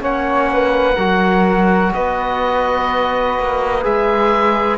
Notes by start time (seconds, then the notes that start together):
0.00 A#3 C#4 C#5 F#5
0.52 B4
0.96 F#3 F#4 A#4
1.93 B3 B4 D#5
3.38 A#3
3.82 G#3 G#4 E5